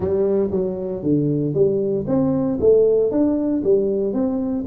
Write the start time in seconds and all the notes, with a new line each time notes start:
0.00 G3
0.51 F#3
1.03 D3
1.54 G3
2.07 C4
2.60 A3
3.11 D4
3.64 G3
4.13 C4